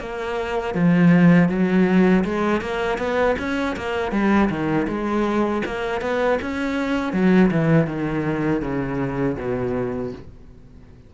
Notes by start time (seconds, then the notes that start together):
0.00 A#3
0.75 F3
1.49 F#3
2.25 G#3
2.62 A#3
2.98 B3
3.39 C#4
3.77 A#3
4.12 G3
4.50 D#3
4.88 G#3
5.66 A#3
6.02 B3
6.42 C#4
7.13 F#3
7.51 E3
7.87 D#3
8.62 C#3
9.38 B2